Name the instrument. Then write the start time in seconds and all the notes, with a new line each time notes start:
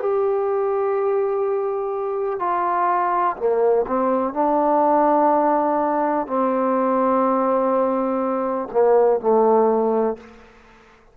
trombone
0.00 G4
2.39 F4
3.37 A#3
3.87 C4
4.33 D4
6.27 C4
8.72 A#3
9.20 A3